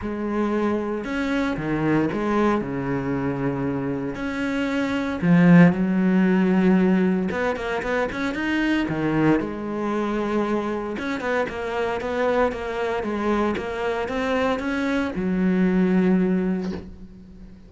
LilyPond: \new Staff \with { instrumentName = "cello" } { \time 4/4 \tempo 4 = 115 gis2 cis'4 dis4 | gis4 cis2. | cis'2 f4 fis4~ | fis2 b8 ais8 b8 cis'8 |
dis'4 dis4 gis2~ | gis4 cis'8 b8 ais4 b4 | ais4 gis4 ais4 c'4 | cis'4 fis2. | }